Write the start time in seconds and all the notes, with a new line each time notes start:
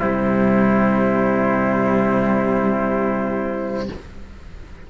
0.00 C3 G3 E4 C5